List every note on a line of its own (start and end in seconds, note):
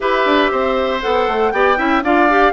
0.00 0.25 E4
0.00 1.00 G4
0.00 0.51 B4
0.00 1.01 E5
0.25 0.50 D4
0.51 1.02 C4
0.51 1.53 C5
1.01 1.27 B3
1.01 1.52 A4
1.01 1.51 F#5
1.27 1.52 A3
1.51 1.77 B3
1.51 1.76 G4
1.51 1.77 D5
1.51 2.02 G5
1.76 2.03 C#4
1.76 2.02 E4
1.76 2.03 E5
2.03 2.53 D4
2.03 2.29 F4
2.03 2.53 D5
2.03 2.53 F5
2.29 2.53 G4